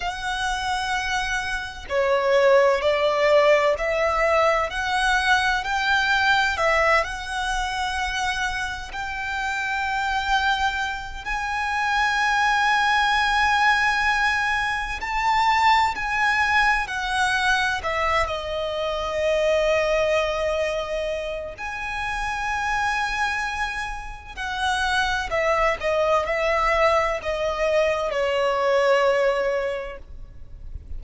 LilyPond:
\new Staff \with { instrumentName = "violin" } { \time 4/4 \tempo 4 = 64 fis''2 cis''4 d''4 | e''4 fis''4 g''4 e''8 fis''8~ | fis''4. g''2~ g''8 | gis''1 |
a''4 gis''4 fis''4 e''8 dis''8~ | dis''2. gis''4~ | gis''2 fis''4 e''8 dis''8 | e''4 dis''4 cis''2 | }